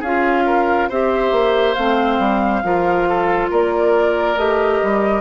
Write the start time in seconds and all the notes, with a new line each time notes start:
0.00 C#4 F4 G#4 F5
0.46 A#4
0.89 C4 G4 C5 E5
1.31 A#3
1.74 A3 C4 F5
2.19 G3
2.63 F3 F4 A#4
3.09 A4
3.50 A#3 A#4 D5
4.37 A3 G4 D#5
4.83 G3